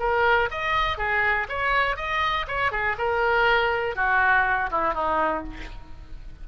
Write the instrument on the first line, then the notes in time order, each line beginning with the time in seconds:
oboe
0.00 A#4
0.51 D#5
0.98 G#4
1.49 C#5
1.97 D#5
2.48 C#5
2.72 G#4
2.98 A#4
3.96 F#4
4.71 E4
4.94 D#4